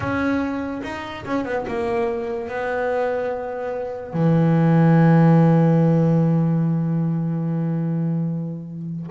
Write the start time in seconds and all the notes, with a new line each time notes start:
0.00 C#4
0.83 D#4
1.25 C#4
1.44 B3
1.67 A#3
2.48 B3
4.13 E3